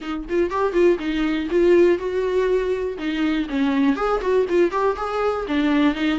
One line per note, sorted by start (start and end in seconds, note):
0.01 0.25 D#4
0.29 0.50 F4
0.50 0.72 G4
0.72 0.97 F4
0.99 1.49 D#4
1.50 1.98 F4
1.98 2.97 F#4
2.98 3.47 D#4
3.49 3.96 C#4
3.96 4.20 G#4
4.21 4.46 F#4
4.49 4.71 F4
4.71 4.96 G4
4.96 5.46 G#4
5.47 5.94 D4
5.94 6.19 D#4